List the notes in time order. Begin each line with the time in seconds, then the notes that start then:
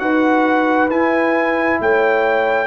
0.00 D#4 F#4 B4 F#5
0.90 E4 G#5
1.80 A3 C#5 G5